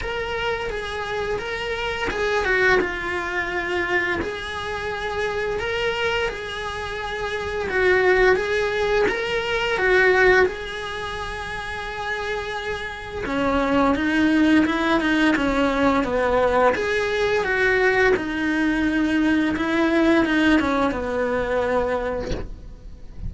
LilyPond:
\new Staff \with { instrumentName = "cello" } { \time 4/4 \tempo 4 = 86 ais'4 gis'4 ais'4 gis'8 fis'8 | f'2 gis'2 | ais'4 gis'2 fis'4 | gis'4 ais'4 fis'4 gis'4~ |
gis'2. cis'4 | dis'4 e'8 dis'8 cis'4 b4 | gis'4 fis'4 dis'2 | e'4 dis'8 cis'8 b2 | }